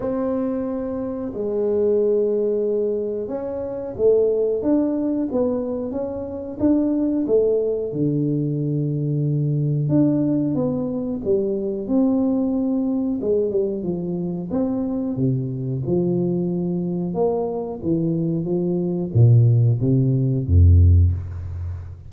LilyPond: \new Staff \with { instrumentName = "tuba" } { \time 4/4 \tempo 4 = 91 c'2 gis2~ | gis4 cis'4 a4 d'4 | b4 cis'4 d'4 a4 | d2. d'4 |
b4 g4 c'2 | gis8 g8 f4 c'4 c4 | f2 ais4 e4 | f4 ais,4 c4 f,4 | }